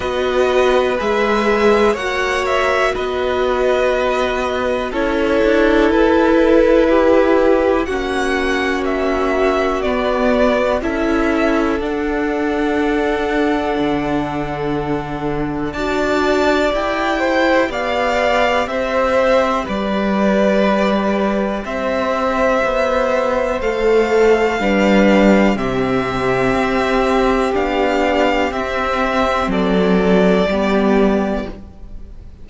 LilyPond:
<<
  \new Staff \with { instrumentName = "violin" } { \time 4/4 \tempo 4 = 61 dis''4 e''4 fis''8 e''8 dis''4~ | dis''4 cis''4 b'2 | fis''4 e''4 d''4 e''4 | fis''1 |
a''4 g''4 f''4 e''4 | d''2 e''2 | f''2 e''2 | f''4 e''4 d''2 | }
  \new Staff \with { instrumentName = "violin" } { \time 4/4 b'2 cis''4 b'4~ | b'4 a'2 g'4 | fis'2. a'4~ | a'1 |
d''4. c''8 d''4 c''4 | b'2 c''2~ | c''4 b'4 g'2~ | g'2 a'4 g'4 | }
  \new Staff \with { instrumentName = "viola" } { \time 4/4 fis'4 gis'4 fis'2~ | fis'4 e'2. | cis'2 b4 e'4 | d'1 |
fis'4 g'2.~ | g'1 | a'4 d'4 c'2 | d'4 c'2 b4 | }
  \new Staff \with { instrumentName = "cello" } { \time 4/4 b4 gis4 ais4 b4~ | b4 cis'8 d'8 e'2 | ais2 b4 cis'4 | d'2 d2 |
d'4 e'4 b4 c'4 | g2 c'4 b4 | a4 g4 c4 c'4 | b4 c'4 fis4 g4 | }
>>